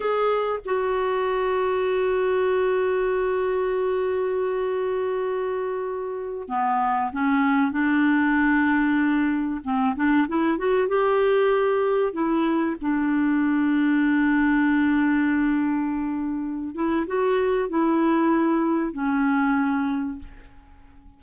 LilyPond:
\new Staff \with { instrumentName = "clarinet" } { \time 4/4 \tempo 4 = 95 gis'4 fis'2.~ | fis'1~ | fis'2~ fis'16 b4 cis'8.~ | cis'16 d'2. c'8 d'16~ |
d'16 e'8 fis'8 g'2 e'8.~ | e'16 d'2.~ d'8.~ | d'2~ d'8 e'8 fis'4 | e'2 cis'2 | }